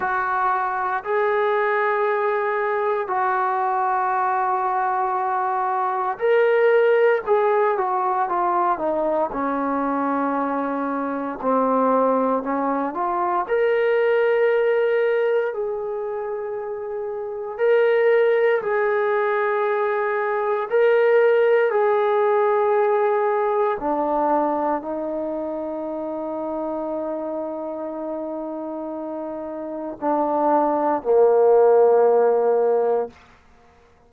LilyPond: \new Staff \with { instrumentName = "trombone" } { \time 4/4 \tempo 4 = 58 fis'4 gis'2 fis'4~ | fis'2 ais'4 gis'8 fis'8 | f'8 dis'8 cis'2 c'4 | cis'8 f'8 ais'2 gis'4~ |
gis'4 ais'4 gis'2 | ais'4 gis'2 d'4 | dis'1~ | dis'4 d'4 ais2 | }